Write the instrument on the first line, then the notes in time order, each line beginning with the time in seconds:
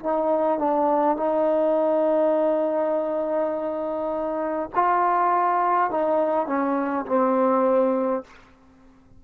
trombone
0.00 D#4
0.58 D4
1.17 D#4
4.75 F4
5.90 D#4
6.47 C#4
7.06 C4